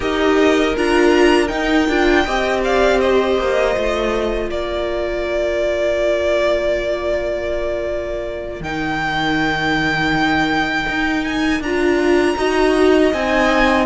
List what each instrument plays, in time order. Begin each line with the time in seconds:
0.00 cello D#4, viola G4, violin A#4 D#5
0.75 cello D4, viola F4, violin A#5
1.47 viola D#4, cello D#4, violin G5
1.88 cello D4, viola F4
2.25 cello C4, viola G4, violin D#5
2.64 violin D5 F5
3.00 violin C5 D#5
3.38 cello A#3
3.74 cello A3, viola F4
4.49 cello A#3, violin A#4 D5
8.60 cello D#3, viola D#4, violin G5
10.88 cello D#4
11.24 violin G#5
11.60 cello D4, viola F4, violin A#5
12.37 cello D#4, viola F#4, violin D#5
13.12 cello C4, viola D#4, violin G#5